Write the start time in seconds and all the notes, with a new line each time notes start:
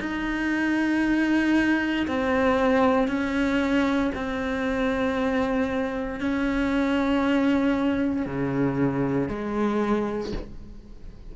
0.00 D#4
2.08 C4
3.08 C#4
4.15 C4
6.21 C#4
8.26 C#3
9.29 G#3